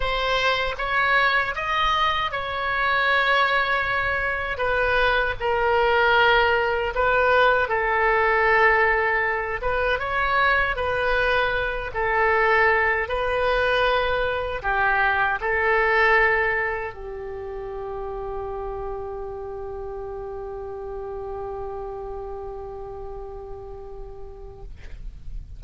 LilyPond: \new Staff \with { instrumentName = "oboe" } { \time 4/4 \tempo 4 = 78 c''4 cis''4 dis''4 cis''4~ | cis''2 b'4 ais'4~ | ais'4 b'4 a'2~ | a'8 b'8 cis''4 b'4. a'8~ |
a'4 b'2 g'4 | a'2 g'2~ | g'1~ | g'1 | }